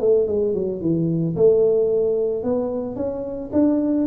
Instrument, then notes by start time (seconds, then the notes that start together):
tuba
0.00 A3
0.27 G#3
0.54 F#3
0.81 E3
1.36 A3
2.43 B3
2.96 C#4
3.53 D4